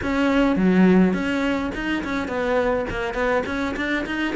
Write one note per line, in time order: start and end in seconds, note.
0.02 0.55 C#4
0.55 1.13 F#3
1.13 1.71 C#4
1.74 2.03 D#4
2.03 2.28 C#4
2.28 2.85 B3
2.90 3.13 A#3
3.13 3.42 B3
3.46 3.75 C#4
3.76 4.05 D4
4.06 4.35 D#4